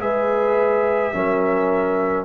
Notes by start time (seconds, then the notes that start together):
0.00 G#3 G#4 B4 E5
1.13 F#3 C#4 A#4